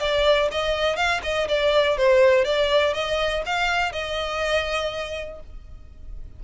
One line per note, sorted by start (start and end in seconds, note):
0.00 0.49 D5
0.51 0.96 D#5
0.96 1.21 F5
1.23 1.48 D#5
1.48 1.97 D5
1.97 2.45 C5
2.45 2.94 D5
2.94 3.43 D#5
3.46 3.92 F5
3.92 5.40 D#5